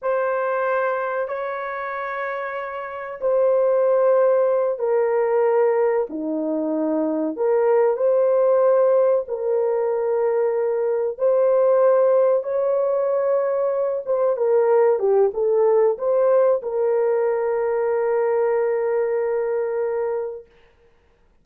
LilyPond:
\new Staff \with { instrumentName = "horn" } { \time 4/4 \tempo 4 = 94 c''2 cis''2~ | cis''4 c''2~ c''8 ais'8~ | ais'4. dis'2 ais'8~ | ais'8 c''2 ais'4.~ |
ais'4. c''2 cis''8~ | cis''2 c''8 ais'4 g'8 | a'4 c''4 ais'2~ | ais'1 | }